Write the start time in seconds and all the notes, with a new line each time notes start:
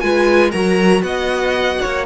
0.00 G#3 F4 B4 G#5
0.51 F#3 F#4 A#4 A#5
1.02 B3 D#5 F#5
1.81 A#3 C#5